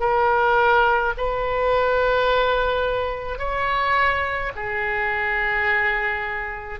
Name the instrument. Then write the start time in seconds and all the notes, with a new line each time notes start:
oboe
0.00 A#4
1.17 B4
3.38 C#5
4.55 G#4